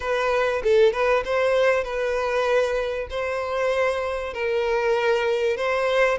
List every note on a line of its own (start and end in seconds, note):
0.00 0.62 B4
0.63 0.93 A4
0.93 1.23 B4
1.24 1.84 C5
1.84 3.07 B4
3.10 4.33 C5
4.33 5.56 A#4
5.56 6.18 C5